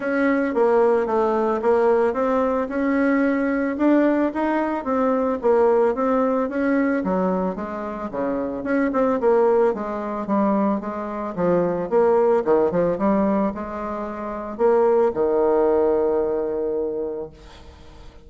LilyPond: \new Staff \with { instrumentName = "bassoon" } { \time 4/4 \tempo 4 = 111 cis'4 ais4 a4 ais4 | c'4 cis'2 d'4 | dis'4 c'4 ais4 c'4 | cis'4 fis4 gis4 cis4 |
cis'8 c'8 ais4 gis4 g4 | gis4 f4 ais4 dis8 f8 | g4 gis2 ais4 | dis1 | }